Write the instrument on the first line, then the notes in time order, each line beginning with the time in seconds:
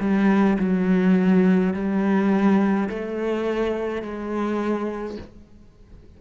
cello
0.00 G3
0.59 F#3
1.74 G3
2.89 A3
4.02 G#3